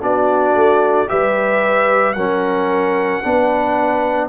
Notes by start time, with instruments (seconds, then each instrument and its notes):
0.00 tuba B3, trombone D4, horn F#4, trumpet D5
0.54 tuba A3
1.07 tuba G3, trombone G4, horn B4, trumpet E5
2.13 tuba F#3, trombone C#4, horn A#4, trumpet F#5
3.23 tuba B3, trombone D4, horn B4